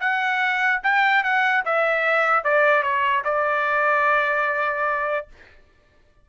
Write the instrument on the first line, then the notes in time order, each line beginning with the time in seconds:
trumpet
0.00 F#5
0.83 G5
1.24 F#5
1.65 E5
2.44 D5
2.83 C#5
3.24 D5